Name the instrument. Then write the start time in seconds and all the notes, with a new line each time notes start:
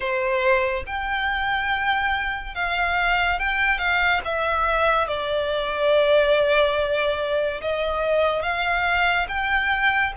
violin
0.00 C5
0.86 G5
2.55 F5
3.39 G5
3.78 F5
4.24 E5
5.07 D5
7.61 D#5
8.42 F5
9.28 G5